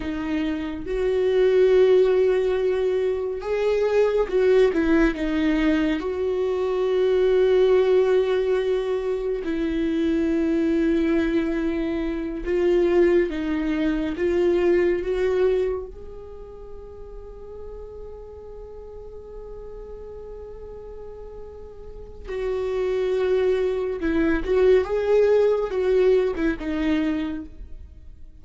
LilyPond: \new Staff \with { instrumentName = "viola" } { \time 4/4 \tempo 4 = 70 dis'4 fis'2. | gis'4 fis'8 e'8 dis'4 fis'4~ | fis'2. e'4~ | e'2~ e'8 f'4 dis'8~ |
dis'8 f'4 fis'4 gis'4.~ | gis'1~ | gis'2 fis'2 | e'8 fis'8 gis'4 fis'8. e'16 dis'4 | }